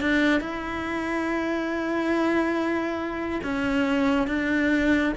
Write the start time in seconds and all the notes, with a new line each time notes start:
0.00 D4
0.41 E4
3.43 C#4
4.27 D4